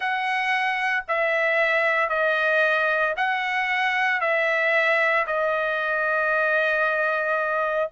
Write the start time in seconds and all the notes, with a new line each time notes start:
0.00 F#5
1.08 E5
2.09 D#5
3.16 F#5
4.20 E5
5.26 D#5